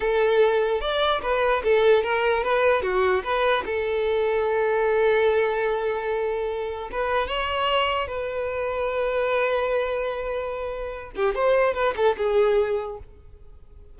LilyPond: \new Staff \with { instrumentName = "violin" } { \time 4/4 \tempo 4 = 148 a'2 d''4 b'4 | a'4 ais'4 b'4 fis'4 | b'4 a'2.~ | a'1~ |
a'4 b'4 cis''2 | b'1~ | b'2.~ b'8 g'8 | c''4 b'8 a'8 gis'2 | }